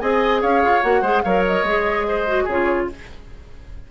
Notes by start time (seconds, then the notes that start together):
0.00 C4 G#4 D#5 G#5
0.41 C#4 C#5 F5
0.64 F4
0.83 A#3 F#4 F#5
1.02 G#3 G#4 C5
1.23 F#3 A#4 C#5 F5
1.46 D#5
1.63 G#3 G#4
2.08 C5
2.27 F#4
2.44 C#3 G#4 C#5
2.50 F4